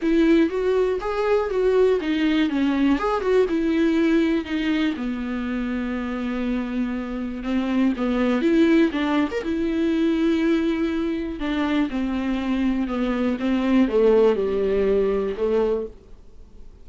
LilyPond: \new Staff \with { instrumentName = "viola" } { \time 4/4 \tempo 4 = 121 e'4 fis'4 gis'4 fis'4 | dis'4 cis'4 gis'8 fis'8 e'4~ | e'4 dis'4 b2~ | b2. c'4 |
b4 e'4 d'8. ais'16 e'4~ | e'2. d'4 | c'2 b4 c'4 | a4 g2 a4 | }